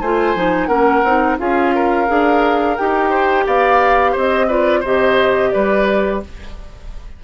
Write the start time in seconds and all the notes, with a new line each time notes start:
0.00 A3 F4 C5 G#5
0.35 F3 D#4
0.66 A#3 C#4 A#4 F#5
1.03 C4 D#4
1.38 C#4 F4 G#4 F5
1.74 A#4
2.07 D4 G#4
2.77 D#4 G4 G5
3.09 C5
3.46 B3 D5 F5
4.11 C4 C5
4.18 D#5
4.48 F4 B4 D5
4.80 C3 G4 C5 D#5
5.50 G3 B4 D5